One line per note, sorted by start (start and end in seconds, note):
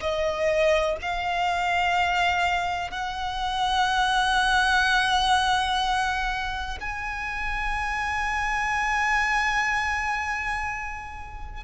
0.00 0.97 D#5
1.02 2.91 F5
2.91 6.78 F#5
6.80 11.63 G#5